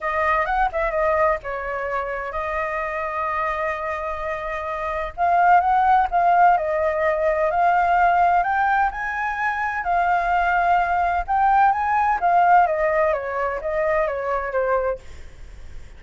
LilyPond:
\new Staff \with { instrumentName = "flute" } { \time 4/4 \tempo 4 = 128 dis''4 fis''8 e''8 dis''4 cis''4~ | cis''4 dis''2.~ | dis''2. f''4 | fis''4 f''4 dis''2 |
f''2 g''4 gis''4~ | gis''4 f''2. | g''4 gis''4 f''4 dis''4 | cis''4 dis''4 cis''4 c''4 | }